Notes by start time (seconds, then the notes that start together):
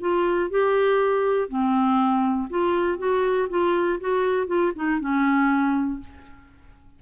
0.00 F4
0.50 G4
1.49 C4
2.50 F4
2.98 F#4
3.49 F4
4.00 F#4
4.47 F4
4.75 D#4
5.00 C#4